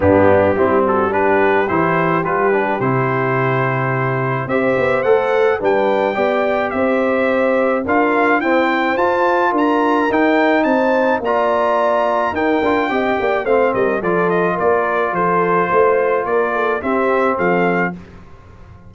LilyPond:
<<
  \new Staff \with { instrumentName = "trumpet" } { \time 4/4 \tempo 4 = 107 g'4. a'8 b'4 c''4 | b'4 c''2. | e''4 fis''4 g''2 | e''2 f''4 g''4 |
a''4 ais''4 g''4 a''4 | ais''2 g''2 | f''8 dis''8 d''8 dis''8 d''4 c''4~ | c''4 d''4 e''4 f''4 | }
  \new Staff \with { instrumentName = "horn" } { \time 4/4 d'4 e'8 fis'8 g'2~ | g'1 | c''2 b'4 d''4 | c''2 ais'4 c''4~ |
c''4 ais'2 c''4 | d''2 ais'4 dis''8 d''8 | c''8 ais'8 a'4 ais'4 a'4 | c''4 ais'8 a'8 g'4 a'4 | }
  \new Staff \with { instrumentName = "trombone" } { \time 4/4 b4 c'4 d'4 e'4 | f'8 d'8 e'2. | g'4 a'4 d'4 g'4~ | g'2 f'4 c'4 |
f'2 dis'2 | f'2 dis'8 f'8 g'4 | c'4 f'2.~ | f'2 c'2 | }
  \new Staff \with { instrumentName = "tuba" } { \time 4/4 g,4 g2 e4 | g4 c2. | c'8 b8 a4 g4 b4 | c'2 d'4 e'4 |
f'4 d'4 dis'4 c'4 | ais2 dis'8 d'8 c'8 ais8 | a8 g8 f4 ais4 f4 | a4 ais4 c'4 f4 | }
>>